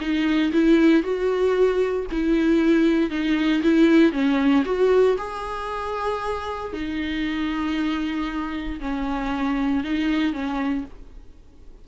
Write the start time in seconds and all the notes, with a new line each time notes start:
0.00 D#4
0.52 E4
1.03 F#4
2.11 E4
3.10 D#4
3.62 E4
4.12 C#4
4.65 F#4
5.17 G#4
6.73 D#4
8.80 C#4
9.83 D#4
10.33 C#4